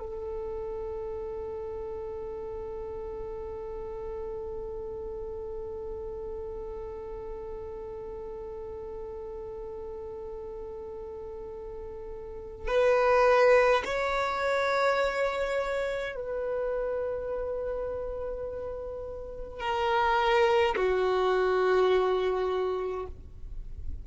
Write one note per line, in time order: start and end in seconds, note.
0.00 12.68 A4
12.68 13.84 B4
13.85 16.16 C#5
16.16 19.60 B4
19.60 20.76 A#4
20.76 23.07 F#4